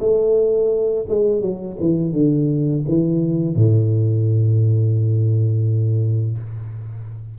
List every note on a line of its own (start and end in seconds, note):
0.00 1.06 A3
1.08 1.41 G#3
1.41 1.77 F#3
1.81 2.13 E3
2.13 2.83 D3
2.88 3.56 E3
3.56 6.38 A2